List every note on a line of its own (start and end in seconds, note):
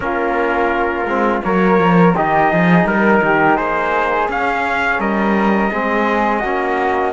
0.00 1.05 A#3
0.00 1.06 C#4
0.00 1.44 F4
0.00 1.42 A#4
1.05 1.41 G#3
1.05 1.43 C4
1.43 1.78 F#3
1.43 2.15 A#3
1.43 2.15 A#4
1.43 2.15 C#5
1.78 2.14 F3
2.15 2.52 D#3
2.15 4.31 D#4
2.15 2.50 G4
2.15 2.87 D#5
2.50 2.85 F3
2.50 2.86 G#4
2.85 3.20 G3
2.85 3.56 A#4
2.85 3.23 A#4
3.22 3.58 D#3
3.22 3.56 G4
3.56 4.28 A#3
3.56 4.99 G#4
3.56 4.28 C5
4.28 4.98 C#4
4.28 5.71 C#4
4.28 5.00 F5
4.98 5.70 G3
4.98 5.70 A#4
4.98 7.13 D#5
5.71 6.43 G#3
5.71 6.43 C4
5.71 6.39 G#4
6.39 7.13 A#3
6.39 7.13 C#4
6.39 7.11 F#4